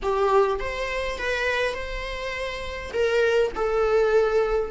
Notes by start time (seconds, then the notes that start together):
0.02 G4
0.59 C5
1.18 B4
1.74 C5
2.93 A#4
3.55 A4